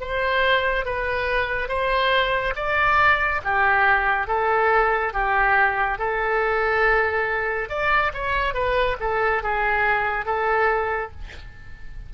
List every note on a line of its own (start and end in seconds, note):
0.00 0.85 C5
0.85 1.68 B4
1.68 2.54 C5
2.56 3.41 D5
3.44 4.27 G4
4.27 5.13 A4
5.13 5.98 G4
5.98 7.69 A4
7.69 8.12 D5
8.14 8.54 C#5
8.54 8.97 B4
9.00 9.42 A4
9.42 10.25 G#4
10.25 11.11 A4